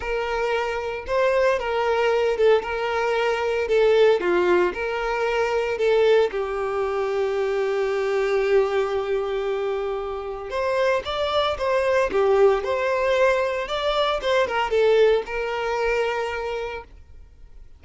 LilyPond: \new Staff \with { instrumentName = "violin" } { \time 4/4 \tempo 4 = 114 ais'2 c''4 ais'4~ | ais'8 a'8 ais'2 a'4 | f'4 ais'2 a'4 | g'1~ |
g'1 | c''4 d''4 c''4 g'4 | c''2 d''4 c''8 ais'8 | a'4 ais'2. | }